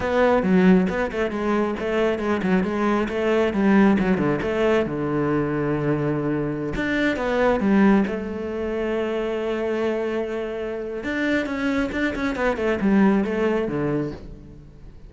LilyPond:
\new Staff \with { instrumentName = "cello" } { \time 4/4 \tempo 4 = 136 b4 fis4 b8 a8 gis4 | a4 gis8 fis8 gis4 a4 | g4 fis8 d8 a4 d4~ | d2.~ d16 d'8.~ |
d'16 b4 g4 a4.~ a16~ | a1~ | a4 d'4 cis'4 d'8 cis'8 | b8 a8 g4 a4 d4 | }